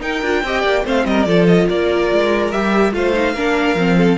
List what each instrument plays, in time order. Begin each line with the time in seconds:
0.00 viola D#4, cello D#4, violin A#4 G5
0.22 cello D4, viola F4
0.43 cello C4, viola G4, violin D#5
0.61 cello A#3, violin D5
0.84 cello A3, viola C4, violin C5 F5
1.05 cello G3, violin A#4 D#5
1.24 cello F3, viola F4, violin A4 D5
1.47 violin D#5
1.68 cello A#3, violin A#4 D5
2.12 cello G#3
2.51 cello G3, viola G4, violin E5
2.93 cello A3, viola F4, violin C5 F5
3.13 viola D#4
3.34 cello A#3, viola D4, violin A#4
3.75 cello F3, viola C4
3.97 violin A4